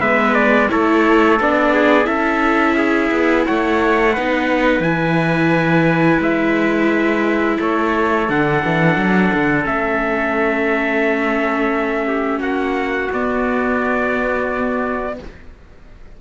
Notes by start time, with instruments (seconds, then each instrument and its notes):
0.00 cello G#3, viola B3, trumpet B4 E5
0.35 trumpet D5
0.69 cello A3, viola E4, trumpet A4 C#5
1.40 cello B3, viola D4, trumpet D5
1.74 trumpet G#4
2.04 cello C#4, viola E4, trumpet A4 E5
2.78 trumpet G#4
3.11 cello B3
3.46 cello A3, trumpet C#5 F#5
4.13 cello B3, viola D#4, trumpet B4
4.80 cello E3, viola E4, trumpet G#5
6.20 cello G#3, trumpet E5
7.59 cello A3, trumpet A4 C#5
8.29 cello D3, viola D4, trumpet F#5
8.65 cello E3
8.97 cello F#3
9.34 cello D3
9.63 cello A3, viola C#4, trumpet E5
12.08 trumpet G4
12.40 cello A#3, trumpet F#4 F#5
13.12 cello B3, viola B3, trumpet D5